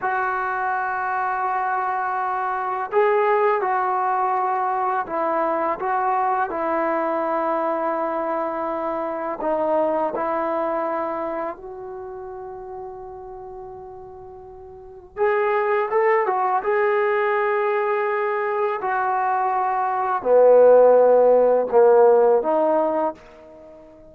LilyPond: \new Staff \with { instrumentName = "trombone" } { \time 4/4 \tempo 4 = 83 fis'1 | gis'4 fis'2 e'4 | fis'4 e'2.~ | e'4 dis'4 e'2 |
fis'1~ | fis'4 gis'4 a'8 fis'8 gis'4~ | gis'2 fis'2 | b2 ais4 dis'4 | }